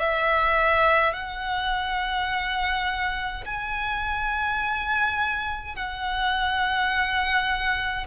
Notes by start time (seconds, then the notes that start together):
0.00 E5
1.14 F#5
3.46 G#5
5.76 F#5